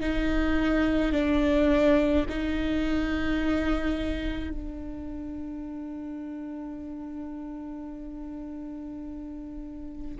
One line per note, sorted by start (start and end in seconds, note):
0.00 1.12 D#4
1.12 2.25 D4
2.28 4.50 D#4
4.50 10.16 D4